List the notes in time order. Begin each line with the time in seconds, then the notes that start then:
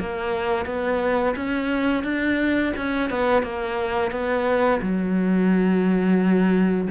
0.00 A#3
0.66 B3
1.36 C#4
2.04 D4
2.77 C#4
3.10 B3
3.43 A#3
4.12 B3
4.82 F#3